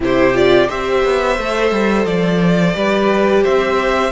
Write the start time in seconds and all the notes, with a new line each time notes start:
0.00 C3 E4 G4 C5
0.33 F4 D5
0.68 C4 G4 C5 E5
1.04 B3
1.37 A3 A4
1.71 G3
2.05 F3 D5
2.74 G3 G4 B4
3.43 C4 C5 E5